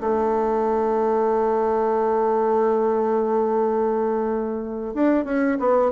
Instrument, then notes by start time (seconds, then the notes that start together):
bassoon
0.00 A3
4.94 D4
5.24 C#4
5.59 B3